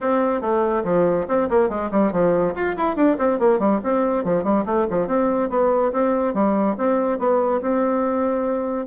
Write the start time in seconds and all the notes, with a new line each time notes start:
0.00 C4
0.41 A3
0.84 F3
1.28 C4
1.49 A#3
1.69 G#3
1.91 G3
2.12 F3
2.54 F4
2.76 E4
2.95 D4
3.18 C4
3.39 A#3
3.59 G3
3.83 C4
4.24 F3
4.43 G3
4.65 A3
4.89 F3
5.07 C4
5.49 B3
5.92 C4
6.33 G3
6.77 C4
7.18 B3
7.61 C4